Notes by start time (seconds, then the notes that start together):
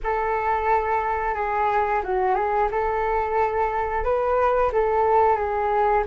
0.03 A4
1.34 G#4
2.03 F#4
2.35 G#4
2.71 A4
4.04 B4
4.72 A4
5.36 G#4